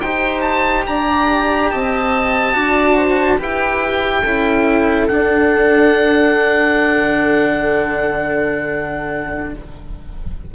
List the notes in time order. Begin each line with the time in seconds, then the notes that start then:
0.00 D#4 G4 C5 G5
0.41 A5
0.87 D4 D5 A#5
1.70 C4 D#5 A5
2.53 D4 F#4 D5
2.97 C5
3.38 E4 G4 B4 G5
4.22 C#4 E4 A4
5.08 D4 F#5
6.97 D3